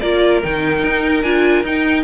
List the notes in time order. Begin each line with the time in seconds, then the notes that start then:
0.00 A#3 F4 A#4 D5
0.43 D#3 D#4 G5
0.83 D#4
1.22 D4 F4 G#5
1.63 D#4 G5